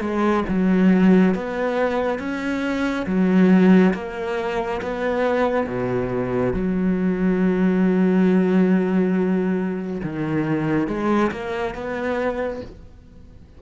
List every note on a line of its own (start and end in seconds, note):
0.00 0.43 G#3
0.48 1.34 F#3
1.34 2.19 B3
2.19 3.06 C#4
3.06 3.93 F#3
3.94 4.81 A#3
4.81 5.66 B3
5.66 6.53 B2
6.53 10.01 F#3
10.03 10.87 D#3
10.87 11.31 G#3
11.31 11.74 A#3
11.74 12.61 B3